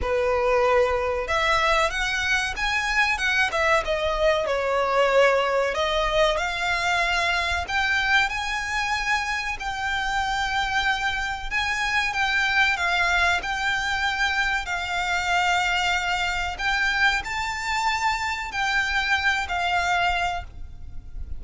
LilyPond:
\new Staff \with { instrumentName = "violin" } { \time 4/4 \tempo 4 = 94 b'2 e''4 fis''4 | gis''4 fis''8 e''8 dis''4 cis''4~ | cis''4 dis''4 f''2 | g''4 gis''2 g''4~ |
g''2 gis''4 g''4 | f''4 g''2 f''4~ | f''2 g''4 a''4~ | a''4 g''4. f''4. | }